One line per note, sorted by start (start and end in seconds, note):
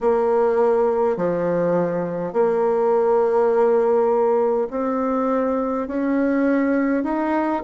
0.00 1.17 A#3
1.17 2.32 F3
2.32 4.67 A#3
4.70 5.87 C4
5.87 7.03 C#4
7.03 7.62 D#4